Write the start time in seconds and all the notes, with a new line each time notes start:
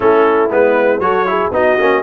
0.00 A3 C#4 E4 A4
0.50 G#3 B3 B4
0.99 F#3 F#4 A4 C#5
1.26 E4 G#4
1.51 B3 D#4 F#4 D#5
1.78 A#3 C#4